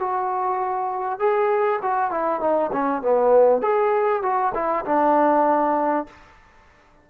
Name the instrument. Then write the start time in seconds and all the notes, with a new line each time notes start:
trombone
0.00 F#4
1.19 G#4
1.82 F#4
2.11 E4
2.41 D#4
2.73 C#4
3.02 B3
3.62 G#4
4.23 F#4
4.55 E4
4.85 D4